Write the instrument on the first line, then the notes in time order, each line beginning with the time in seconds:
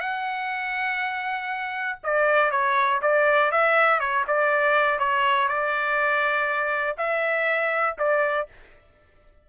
trumpet
0.00 F#5
2.03 D5
2.51 C#5
3.02 D5
3.51 E5
4.00 C#5
4.27 D5
4.99 C#5
5.48 D5
6.97 E5
7.98 D5